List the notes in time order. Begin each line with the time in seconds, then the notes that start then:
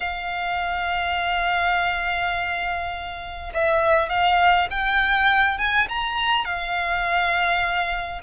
0.00 F5
3.53 E5
4.09 F5
4.70 G5
5.57 G#5
5.88 A#5
6.44 F5